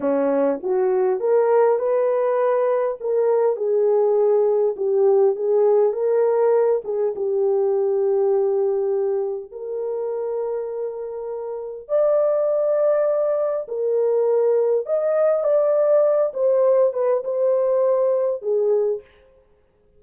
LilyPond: \new Staff \with { instrumentName = "horn" } { \time 4/4 \tempo 4 = 101 cis'4 fis'4 ais'4 b'4~ | b'4 ais'4 gis'2 | g'4 gis'4 ais'4. gis'8 | g'1 |
ais'1 | d''2. ais'4~ | ais'4 dis''4 d''4. c''8~ | c''8 b'8 c''2 gis'4 | }